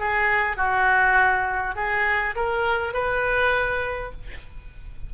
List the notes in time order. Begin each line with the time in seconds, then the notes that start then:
0.00 G#4
0.57 F#4
1.76 G#4
2.36 A#4
2.94 B4